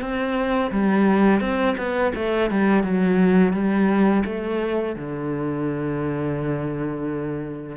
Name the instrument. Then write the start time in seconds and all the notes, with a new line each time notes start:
cello
0.00 C4
0.71 G3
1.40 C4
1.77 B3
2.15 A3
2.50 G3
2.83 F#3
3.53 G3
4.25 A3
4.95 D3